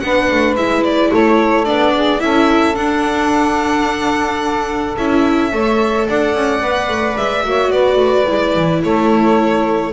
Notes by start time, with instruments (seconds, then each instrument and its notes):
0.00 double bass B3, viola D4, saxophone B4, violin F#5
0.31 double bass A3
0.56 double bass G#3, viola E4, violin E5
0.84 violin D5
1.10 double bass A3, saxophone A4, violin C#5
1.65 double bass B3, viola D4, violin D5
1.94 saxophone G#4
2.20 double bass C#4, viola E4, saxophone A4, violin E5
2.75 viola D4, double bass D4, violin F#5
4.98 double bass C#4, viola E4, violin E5
5.51 double bass A3, viola A4, saxophone C#5
6.08 double bass D4, saxophone D5, violin F#5
6.35 double bass C#4
6.62 double bass B3, viola B4
6.89 double bass A3
7.17 double bass G#3, violin E5
7.43 double bass A#3, viola F#4, saxophone C#5
7.71 double bass B3, saxophone B4, violin D5
7.96 double bass A3
8.27 double bass G#3, viola E4
8.56 double bass E3
8.83 double bass A3, saxophone A4, violin C#5